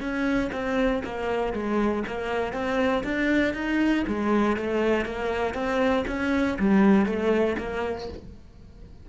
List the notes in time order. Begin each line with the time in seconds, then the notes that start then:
0.00 C#4
0.52 C4
1.04 A#3
1.53 G#3
2.07 A#3
2.53 C4
3.04 D4
3.54 D#4
4.07 G#3
4.57 A3
5.05 A#3
5.54 C4
6.07 C#4
6.59 G3
7.05 A3
7.58 A#3